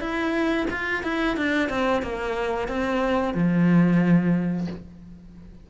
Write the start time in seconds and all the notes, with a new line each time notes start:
0.00 E4
0.70 F4
1.03 E4
1.36 D4
1.69 C4
2.02 A#3
2.68 C4
3.34 F3